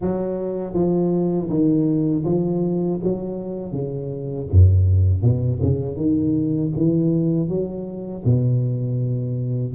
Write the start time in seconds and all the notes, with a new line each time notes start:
0.01 F#3
0.73 F3
1.49 D#3
2.25 F3
3.03 F#3
3.71 C#3
4.51 F#2
5.22 B2
5.61 C#3
5.96 D#3
6.76 E3
7.48 F#3
8.25 B2